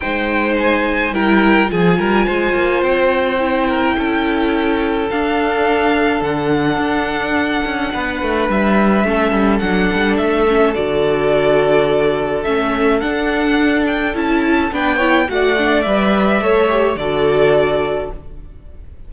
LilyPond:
<<
  \new Staff \with { instrumentName = "violin" } { \time 4/4 \tempo 4 = 106 g''4 gis''4 g''4 gis''4~ | gis''4 g''2.~ | g''4 f''2 fis''4~ | fis''2. e''4~ |
e''4 fis''4 e''4 d''4~ | d''2 e''4 fis''4~ | fis''8 g''8 a''4 g''4 fis''4 | e''2 d''2 | }
  \new Staff \with { instrumentName = "violin" } { \time 4/4 c''2 ais'4 gis'8 ais'8 | c''2~ c''8 ais'8 a'4~ | a'1~ | a'2 b'2 |
a'1~ | a'1~ | a'2 b'8 cis''8 d''4~ | d''4 cis''4 a'2 | }
  \new Staff \with { instrumentName = "viola" } { \time 4/4 dis'2 e'4 f'4~ | f'2 e'2~ | e'4 d'2.~ | d'1 |
cis'4 d'4. cis'8 fis'4~ | fis'2 cis'4 d'4~ | d'4 e'4 d'8 e'8 fis'8 d'8 | b'4 a'8 g'8 fis'2 | }
  \new Staff \with { instrumentName = "cello" } { \time 4/4 gis2 g4 f8 g8 | gis8 ais8 c'2 cis'4~ | cis'4 d'2 d4 | d'4. cis'8 b8 a8 g4 |
a8 g8 fis8 g8 a4 d4~ | d2 a4 d'4~ | d'4 cis'4 b4 a4 | g4 a4 d2 | }
>>